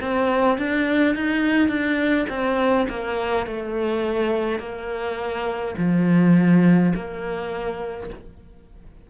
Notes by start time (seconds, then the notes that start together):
0.00 C4
0.58 D4
1.15 D#4
1.68 D4
2.29 C4
2.89 A#3
3.46 A3
4.59 A#3
5.77 F3
6.94 A#3